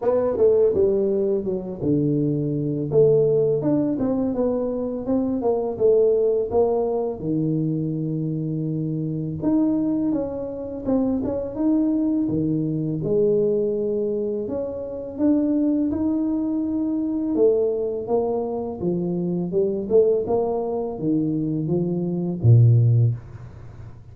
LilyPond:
\new Staff \with { instrumentName = "tuba" } { \time 4/4 \tempo 4 = 83 b8 a8 g4 fis8 d4. | a4 d'8 c'8 b4 c'8 ais8 | a4 ais4 dis2~ | dis4 dis'4 cis'4 c'8 cis'8 |
dis'4 dis4 gis2 | cis'4 d'4 dis'2 | a4 ais4 f4 g8 a8 | ais4 dis4 f4 ais,4 | }